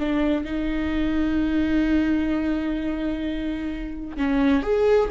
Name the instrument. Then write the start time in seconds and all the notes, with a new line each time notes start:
viola
0.00 D4
0.45 D#4
4.17 C#4
4.63 G#4